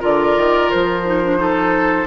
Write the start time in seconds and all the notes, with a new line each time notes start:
0.00 D3 F4 A#4 D5
0.37 D#3
0.71 F3 C5
1.05 D#4
1.24 D4
1.38 D#4 A4